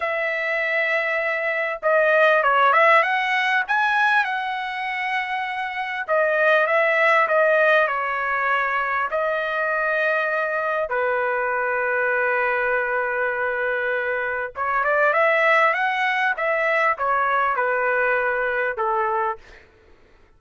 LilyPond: \new Staff \with { instrumentName = "trumpet" } { \time 4/4 \tempo 4 = 99 e''2. dis''4 | cis''8 e''8 fis''4 gis''4 fis''4~ | fis''2 dis''4 e''4 | dis''4 cis''2 dis''4~ |
dis''2 b'2~ | b'1 | cis''8 d''8 e''4 fis''4 e''4 | cis''4 b'2 a'4 | }